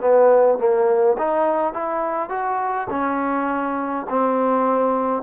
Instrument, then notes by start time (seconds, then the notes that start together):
trombone
0.00 B3
0.58 A#3
1.18 D#4
1.73 E4
2.29 F#4
2.90 C#4
4.09 C4